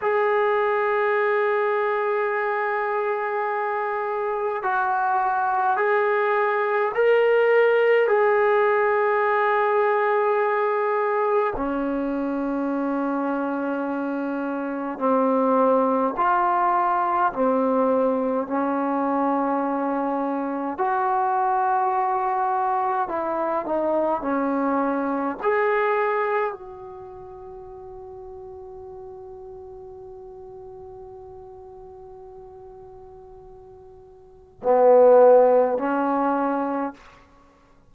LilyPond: \new Staff \with { instrumentName = "trombone" } { \time 4/4 \tempo 4 = 52 gis'1 | fis'4 gis'4 ais'4 gis'4~ | gis'2 cis'2~ | cis'4 c'4 f'4 c'4 |
cis'2 fis'2 | e'8 dis'8 cis'4 gis'4 fis'4~ | fis'1~ | fis'2 b4 cis'4 | }